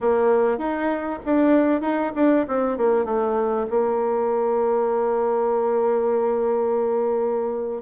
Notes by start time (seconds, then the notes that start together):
0.00 A#3
0.58 D#4
1.25 D4
1.81 D#4
2.15 D4
2.47 C4
2.77 A#3
3.04 A3
3.70 A#3